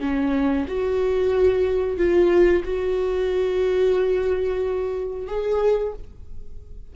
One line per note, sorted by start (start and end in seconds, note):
0.00 0.66 C#4
0.68 1.98 F#4
1.98 2.63 F4
2.65 5.27 F#4
5.27 5.93 G#4